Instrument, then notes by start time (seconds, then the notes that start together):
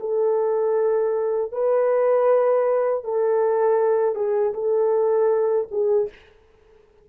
horn
0.00 A4
1.52 B4
3.04 A4
4.15 G#4
4.54 A4
5.71 G#4